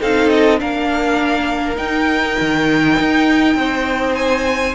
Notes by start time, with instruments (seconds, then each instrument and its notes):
0.00 cello C4, viola D#4, violin A4 F5
0.30 violin D#5
0.59 cello A#3, viola D4, violin A#4 F5
1.76 viola D#4, cello D#4, violin G5
2.40 cello D#3
3.00 cello D#4
3.56 cello C4, violin C5
4.15 violin G#5